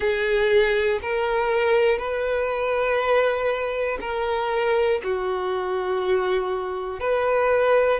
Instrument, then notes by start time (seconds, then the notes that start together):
violin
0.00 G#4
1.01 A#4
1.98 B4
4.00 A#4
5.03 F#4
7.00 B4